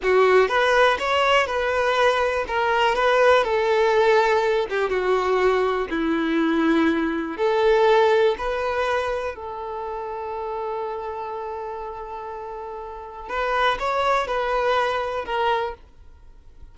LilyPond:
\new Staff \with { instrumentName = "violin" } { \time 4/4 \tempo 4 = 122 fis'4 b'4 cis''4 b'4~ | b'4 ais'4 b'4 a'4~ | a'4. g'8 fis'2 | e'2. a'4~ |
a'4 b'2 a'4~ | a'1~ | a'2. b'4 | cis''4 b'2 ais'4 | }